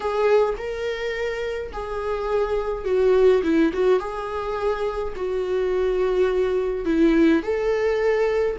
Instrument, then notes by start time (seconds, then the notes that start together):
viola
0.00 G#4
0.57 A#4
1.72 G#4
2.84 F#4
3.43 E4
3.73 F#4
3.99 G#4
5.16 F#4
6.85 E4
7.42 A4